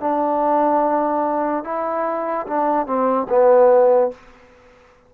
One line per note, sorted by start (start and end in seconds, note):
0.00 1.64 D4
1.64 2.46 E4
2.47 2.86 D4
2.86 3.27 C4
3.29 4.11 B3